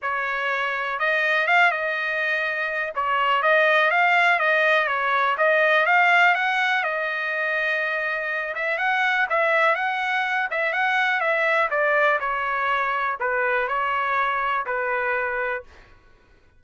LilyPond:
\new Staff \with { instrumentName = "trumpet" } { \time 4/4 \tempo 4 = 123 cis''2 dis''4 f''8 dis''8~ | dis''2 cis''4 dis''4 | f''4 dis''4 cis''4 dis''4 | f''4 fis''4 dis''2~ |
dis''4. e''8 fis''4 e''4 | fis''4. e''8 fis''4 e''4 | d''4 cis''2 b'4 | cis''2 b'2 | }